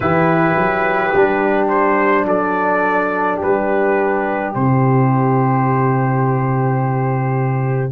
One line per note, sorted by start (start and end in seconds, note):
0.00 0.55 E3
0.00 1.13 E4
0.00 2.26 G4
0.00 1.67 B4
0.55 1.12 F#3
1.14 2.25 G3
1.14 4.54 D4
1.68 2.25 C5
2.25 3.38 F#3
2.25 3.37 A4
2.25 3.41 D5
3.37 4.55 G3
3.37 7.89 G4
3.37 4.54 B4
4.54 7.91 C3
4.54 7.91 E4
4.54 7.91 C5